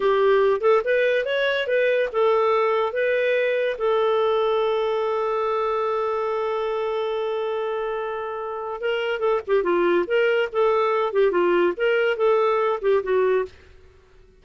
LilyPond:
\new Staff \with { instrumentName = "clarinet" } { \time 4/4 \tempo 4 = 143 g'4. a'8 b'4 cis''4 | b'4 a'2 b'4~ | b'4 a'2.~ | a'1~ |
a'1~ | a'4 ais'4 a'8 g'8 f'4 | ais'4 a'4. g'8 f'4 | ais'4 a'4. g'8 fis'4 | }